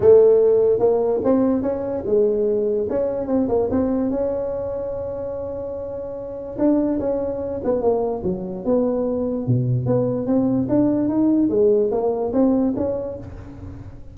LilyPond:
\new Staff \with { instrumentName = "tuba" } { \time 4/4 \tempo 4 = 146 a2 ais4 c'4 | cis'4 gis2 cis'4 | c'8 ais8 c'4 cis'2~ | cis'1 |
d'4 cis'4. b8 ais4 | fis4 b2 b,4 | b4 c'4 d'4 dis'4 | gis4 ais4 c'4 cis'4 | }